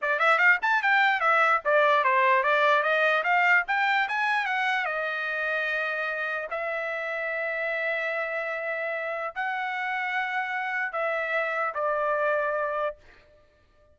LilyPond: \new Staff \with { instrumentName = "trumpet" } { \time 4/4 \tempo 4 = 148 d''8 e''8 f''8 a''8 g''4 e''4 | d''4 c''4 d''4 dis''4 | f''4 g''4 gis''4 fis''4 | dis''1 |
e''1~ | e''2. fis''4~ | fis''2. e''4~ | e''4 d''2. | }